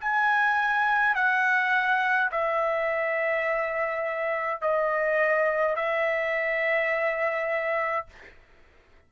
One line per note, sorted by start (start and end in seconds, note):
0.00 1.15 G#5
1.15 2.30 F#5
2.31 4.62 E5
4.62 5.76 D#5
5.76 8.07 E5